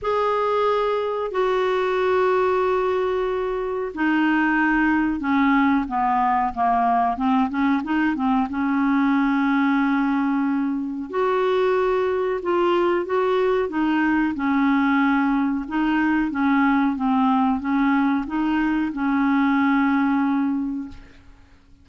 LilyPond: \new Staff \with { instrumentName = "clarinet" } { \time 4/4 \tempo 4 = 92 gis'2 fis'2~ | fis'2 dis'2 | cis'4 b4 ais4 c'8 cis'8 | dis'8 c'8 cis'2.~ |
cis'4 fis'2 f'4 | fis'4 dis'4 cis'2 | dis'4 cis'4 c'4 cis'4 | dis'4 cis'2. | }